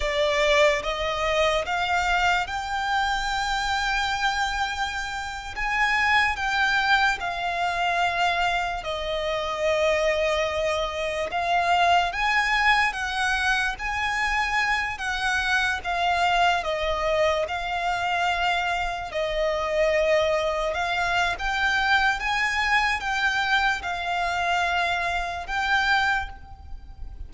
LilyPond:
\new Staff \with { instrumentName = "violin" } { \time 4/4 \tempo 4 = 73 d''4 dis''4 f''4 g''4~ | g''2~ g''8. gis''4 g''16~ | g''8. f''2 dis''4~ dis''16~ | dis''4.~ dis''16 f''4 gis''4 fis''16~ |
fis''8. gis''4. fis''4 f''8.~ | f''16 dis''4 f''2 dis''8.~ | dis''4~ dis''16 f''8. g''4 gis''4 | g''4 f''2 g''4 | }